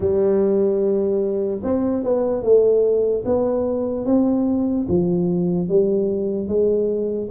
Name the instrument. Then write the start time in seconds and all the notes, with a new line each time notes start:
tuba
0.00 G3
1.63 C4
2.03 B3
2.43 A3
3.25 B3
4.05 C4
4.88 F3
5.68 G3
6.48 G#3